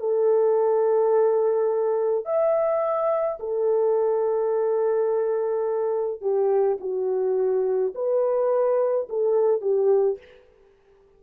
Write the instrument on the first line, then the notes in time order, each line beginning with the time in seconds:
horn
0.00 A4
2.25 E5
3.40 A4
6.22 G4
6.81 F#4
7.95 B4
9.09 A4
9.62 G4